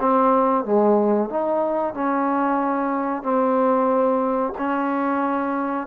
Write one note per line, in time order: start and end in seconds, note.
0.00 0.65 C4
0.65 1.30 G#3
1.30 1.94 D#4
1.94 3.23 C#4
3.23 4.53 C4
4.58 5.87 C#4